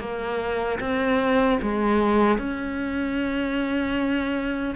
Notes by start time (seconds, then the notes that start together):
0.00 A#3
0.80 C4
1.62 G#3
2.38 C#4